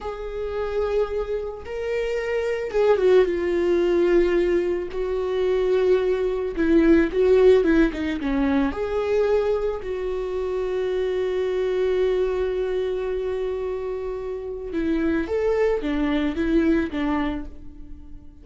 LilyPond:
\new Staff \with { instrumentName = "viola" } { \time 4/4 \tempo 4 = 110 gis'2. ais'4~ | ais'4 gis'8 fis'8 f'2~ | f'4 fis'2. | e'4 fis'4 e'8 dis'8 cis'4 |
gis'2 fis'2~ | fis'1~ | fis'2. e'4 | a'4 d'4 e'4 d'4 | }